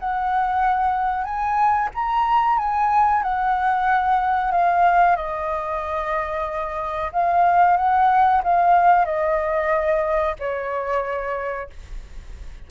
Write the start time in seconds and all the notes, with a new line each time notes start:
0.00 F#5
1.24 G#5
1.94 A#5
2.58 G#5
3.23 F#5
4.51 F5
5.16 D#5
7.12 F5
7.77 F#5
8.44 F5
9.05 D#5
10.39 C#5